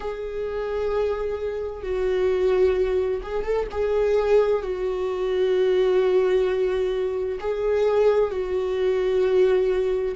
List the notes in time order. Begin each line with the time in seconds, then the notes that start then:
0.00 G#4
1.83 F#4
3.22 G#4
3.44 A4
3.71 G#4
4.62 F#4
7.39 G#4
8.30 F#4